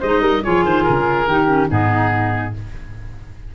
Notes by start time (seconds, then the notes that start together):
0.00 G#3 D#4 C5 D#5
0.20 G3 A#4
0.43 F3 F4 G#4 C#5
0.64 D#3 C5
0.83 C#3 A#4
1.27 D#3 D#4 G4
1.47 C#4
1.69 G#2 B3 D#4 G#4